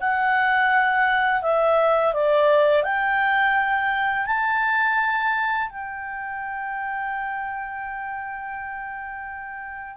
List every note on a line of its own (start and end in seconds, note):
0.00 1.42 F#5
1.42 2.13 E5
2.13 2.83 D5
2.83 4.26 G5
4.26 5.69 A5
5.69 9.96 G5